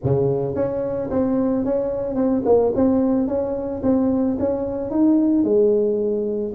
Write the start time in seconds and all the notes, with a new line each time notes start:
0.03 C#3
0.55 C#4
1.10 C4
1.64 C#4
2.15 C4
2.45 A#3
2.75 C4
3.27 C#4
3.83 C4
4.39 C#4
4.90 D#4
5.43 G#3